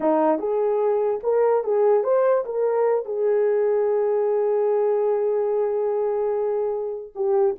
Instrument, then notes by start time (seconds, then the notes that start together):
horn
0.00 D#4
0.38 G#4
1.23 A#4
1.64 G#4
2.03 C5
2.45 A#4
3.05 G#4
7.15 G4